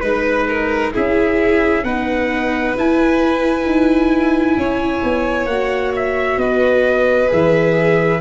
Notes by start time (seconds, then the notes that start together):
0.00 G#3 D#4 B4
0.48 A#4
0.94 C#4 E4 G#4 E5
1.84 B3 D#4 B4 F#5
2.77 E4 G#5
3.66 D#4
4.57 C#4 C#5
5.04 B3
5.46 A#3 F#4 F#5
5.96 E5
6.37 B3 B4 D#5
7.29 E3 G#4 E5